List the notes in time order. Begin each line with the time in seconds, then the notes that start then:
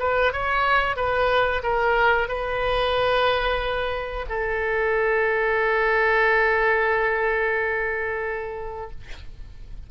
0.00 B4
0.33 C#5
0.97 B4
1.63 A#4
2.29 B4
4.29 A4